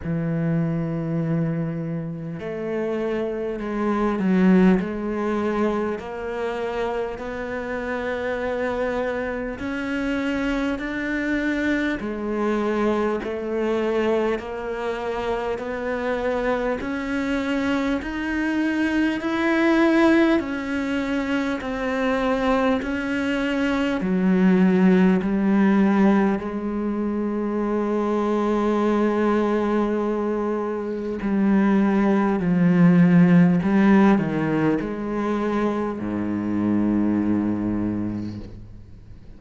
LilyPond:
\new Staff \with { instrumentName = "cello" } { \time 4/4 \tempo 4 = 50 e2 a4 gis8 fis8 | gis4 ais4 b2 | cis'4 d'4 gis4 a4 | ais4 b4 cis'4 dis'4 |
e'4 cis'4 c'4 cis'4 | fis4 g4 gis2~ | gis2 g4 f4 | g8 dis8 gis4 gis,2 | }